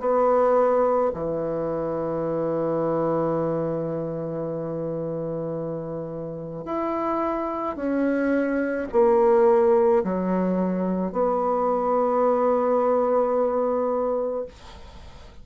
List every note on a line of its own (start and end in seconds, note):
0.00 1.11 B3
1.14 6.65 E3
6.65 7.76 E4
7.76 8.87 C#4
8.92 10.03 A#3
10.04 11.12 F#3
11.12 14.45 B3